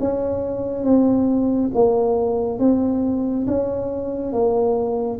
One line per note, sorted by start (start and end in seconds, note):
0.00 0.84 C#4
0.84 1.71 C4
1.74 2.59 A#3
2.59 3.46 C4
3.47 4.33 C#4
4.33 5.20 A#3